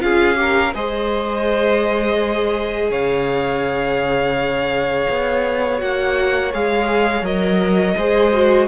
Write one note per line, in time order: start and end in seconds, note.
0.00 0.74 C#4
0.00 0.35 F4
0.00 0.40 G#4
0.00 0.74 F5
0.35 0.72 G4
0.35 0.75 A#4
0.74 2.90 G#3
0.74 5.78 G#4
0.74 2.90 C5
0.74 2.91 D#5
2.90 5.07 C#3
2.90 7.96 C#5
2.90 5.80 F5
5.10 5.82 B3
5.78 6.54 A#3
5.78 6.50 F#4
5.78 6.53 F#5
6.53 7.22 G#3
6.53 7.23 G#4
6.53 7.25 F5
7.22 7.94 F#3
7.22 7.96 A#4
7.22 8.68 D#5
7.97 8.68 G#3
7.97 8.33 G#4
7.97 8.68 C5
8.33 8.68 F#4